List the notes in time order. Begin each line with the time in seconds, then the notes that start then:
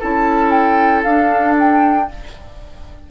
0.00 C#4 E4 A4 A5
0.51 G5
1.04 D4 F5
1.59 G5